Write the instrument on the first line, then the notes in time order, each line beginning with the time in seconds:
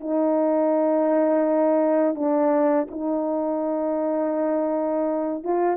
horn
0.00 D#4
2.15 D4
2.90 D#4
5.44 F4